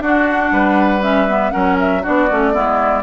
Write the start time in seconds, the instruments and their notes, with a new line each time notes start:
0.00 bassoon D4, clarinet D4, oboe F#4, flute F#5
0.51 bassoon G3, oboe B4
1.02 clarinet C#4, flute E5
1.28 clarinet B3
1.51 bassoon F#3, clarinet C#4, oboe A#4, flute F#5
1.79 flute E5
2.02 bassoon B3, clarinet D4, oboe F#4, flute D5
2.30 bassoon A3, clarinet C#4
2.52 bassoon G#3, clarinet B3, oboe E4